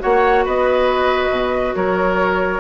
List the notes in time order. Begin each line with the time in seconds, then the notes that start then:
0.00 A#3 F#4 C#5 F#5
0.45 B3 B4 D#5
1.30 B2
1.75 F#3 A#4 C#5